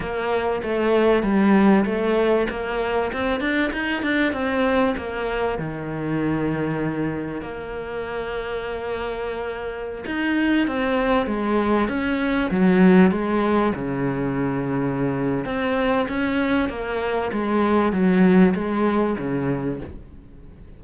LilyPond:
\new Staff \with { instrumentName = "cello" } { \time 4/4 \tempo 4 = 97 ais4 a4 g4 a4 | ais4 c'8 d'8 dis'8 d'8 c'4 | ais4 dis2. | ais1~ |
ais16 dis'4 c'4 gis4 cis'8.~ | cis'16 fis4 gis4 cis4.~ cis16~ | cis4 c'4 cis'4 ais4 | gis4 fis4 gis4 cis4 | }